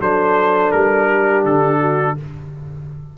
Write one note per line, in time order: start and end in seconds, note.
0.00 0.72 F#3
0.00 2.17 D4
0.00 1.08 A4
0.00 0.71 C5
0.71 1.44 G3
0.71 1.44 A#4
1.10 1.80 G4
1.44 2.17 D3
1.44 2.18 A4
1.80 2.16 F#4